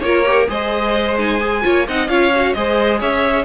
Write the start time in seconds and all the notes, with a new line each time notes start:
0.00 A#3 F4 A#4 C#5
0.25 G4
0.48 G#3 G#4 C5 D#5
1.17 D#4 G#5
1.40 G#4
1.62 A#3 F4 C#5
1.87 C4 D#4 D#5 F#5
2.08 C#4 F4 C#5 F5
2.35 F#4
2.53 G#3 G#4 C5 D#5
2.99 C#4 C#5 E5